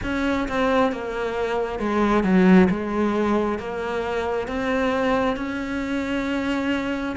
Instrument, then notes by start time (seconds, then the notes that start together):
cello
0.03 C#4
0.48 C4
0.92 A#3
1.79 G#3
2.23 F#3
2.70 G#3
3.59 A#3
4.47 C4
5.36 C#4